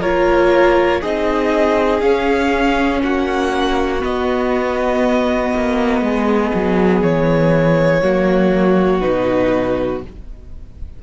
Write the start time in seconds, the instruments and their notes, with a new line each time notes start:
0.00 cello A#3, viola F4, violin A#4 C#5
1.01 cello C4, viola D#4, violin G#4 D#5
2.00 viola C#4, cello C#4, violin F5
3.03 cello A#3, violin F#4 F#5
4.00 viola B3, cello B3, violin D#5
5.54 cello A#3
6.01 cello G#3, violin G#4
6.54 cello F#3
7.01 cello E3, violin C#5
8.02 cello F#3, viola A#3, violin F#4
9.00 cello B2, viola D#4, violin B4